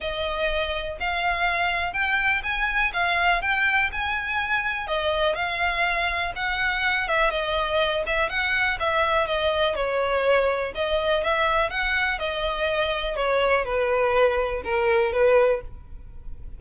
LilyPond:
\new Staff \with { instrumentName = "violin" } { \time 4/4 \tempo 4 = 123 dis''2 f''2 | g''4 gis''4 f''4 g''4 | gis''2 dis''4 f''4~ | f''4 fis''4. e''8 dis''4~ |
dis''8 e''8 fis''4 e''4 dis''4 | cis''2 dis''4 e''4 | fis''4 dis''2 cis''4 | b'2 ais'4 b'4 | }